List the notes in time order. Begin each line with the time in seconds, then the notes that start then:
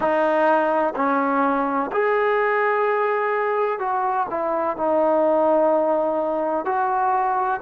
0.00 D#4
0.95 C#4
1.91 G#4
3.79 F#4
4.29 E4
4.77 D#4
6.65 F#4